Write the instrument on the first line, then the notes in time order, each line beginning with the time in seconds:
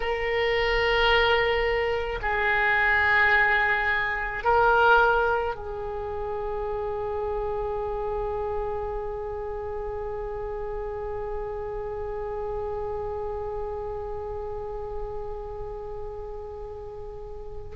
oboe
0.00 A#4
2.22 G#4
4.44 A#4
5.55 G#4